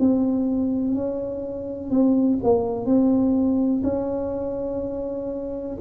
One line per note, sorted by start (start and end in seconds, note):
0.00 0.95 C4
0.95 1.91 C#4
1.91 2.39 C4
2.44 2.86 A#3
2.86 3.83 C4
3.84 5.78 C#4